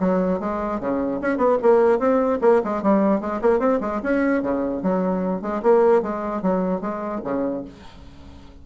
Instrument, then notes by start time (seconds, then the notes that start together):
bassoon
0.00 F#3
0.40 G#3
0.80 C#3
1.21 C#4
1.37 B3
1.62 A#3
1.99 C4
2.42 A#3
2.64 G#3
2.83 G3
3.21 G#3
3.42 A#3
3.59 C4
3.81 G#3
4.03 C#4
4.43 C#3
4.83 F#3
5.42 G#3
5.63 A#3
6.02 G#3
6.42 F#3
6.81 G#3
7.24 C#3